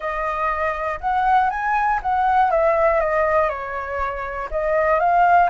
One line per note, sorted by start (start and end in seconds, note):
0.00 0.99 D#5
1.00 1.50 F#5
1.50 2.00 G#5
2.02 2.50 F#5
2.50 3.00 E5
3.00 3.49 D#5
3.49 4.49 C#5
4.50 4.99 D#5
4.99 5.49 F5